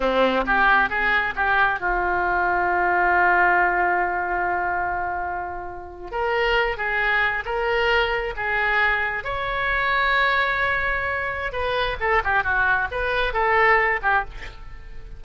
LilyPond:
\new Staff \with { instrumentName = "oboe" } { \time 4/4 \tempo 4 = 135 c'4 g'4 gis'4 g'4 | f'1~ | f'1~ | f'4.~ f'16 ais'4. gis'8.~ |
gis'8. ais'2 gis'4~ gis'16~ | gis'8. cis''2.~ cis''16~ | cis''2 b'4 a'8 g'8 | fis'4 b'4 a'4. g'8 | }